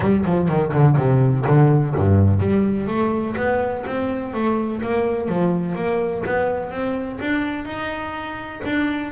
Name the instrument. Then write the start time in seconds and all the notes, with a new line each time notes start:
double bass
0.00 G3
0.25 F3
0.48 D#3
0.72 D3
0.97 C3
1.46 D3
1.95 G2
2.40 G3
2.87 A3
3.36 B3
3.86 C4
4.33 A3
4.81 A#3
5.28 F3
5.75 A#3
6.25 B3
6.70 C4
7.20 D4
7.65 D#4
8.65 D4